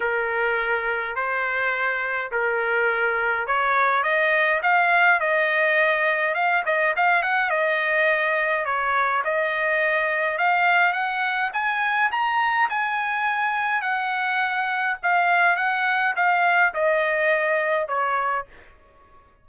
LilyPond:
\new Staff \with { instrumentName = "trumpet" } { \time 4/4 \tempo 4 = 104 ais'2 c''2 | ais'2 cis''4 dis''4 | f''4 dis''2 f''8 dis''8 | f''8 fis''8 dis''2 cis''4 |
dis''2 f''4 fis''4 | gis''4 ais''4 gis''2 | fis''2 f''4 fis''4 | f''4 dis''2 cis''4 | }